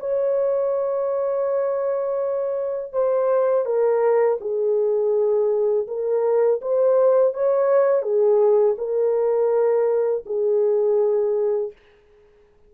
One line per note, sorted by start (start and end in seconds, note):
0.00 2.93 C#5
2.93 3.66 C5
3.66 4.39 A#4
4.41 5.87 G#4
5.88 6.61 A#4
6.62 7.34 C5
7.34 8.03 C#5
8.03 8.76 G#4
8.78 10.24 A#4
10.26 11.72 G#4